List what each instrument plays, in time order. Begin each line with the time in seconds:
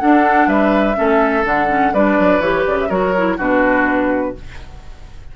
0.00 clarinet D4, bassoon D4, oboe A4, flute F#5
0.47 bassoon G3, oboe B4, flute E5
0.95 bassoon A3, clarinet C#4, oboe A4
1.44 bassoon D3, clarinet D4, flute F#5
1.69 clarinet C#4
1.93 bassoon G3, clarinet D4, oboe B4, flute D5
2.19 bassoon F#3
2.39 bassoon E3, clarinet G4, flute C#5
2.67 bassoon C#3, flute D5
2.81 flute E5
2.89 bassoon F#3, clarinet F#4, oboe A#4, flute C#5
3.17 clarinet E4
3.37 bassoon B2, clarinet D4, oboe F#4, flute B4